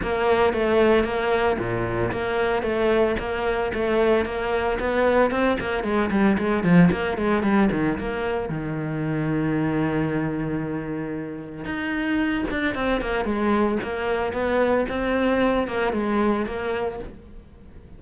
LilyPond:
\new Staff \with { instrumentName = "cello" } { \time 4/4 \tempo 4 = 113 ais4 a4 ais4 ais,4 | ais4 a4 ais4 a4 | ais4 b4 c'8 ais8 gis8 g8 | gis8 f8 ais8 gis8 g8 dis8 ais4 |
dis1~ | dis2 dis'4. d'8 | c'8 ais8 gis4 ais4 b4 | c'4. ais8 gis4 ais4 | }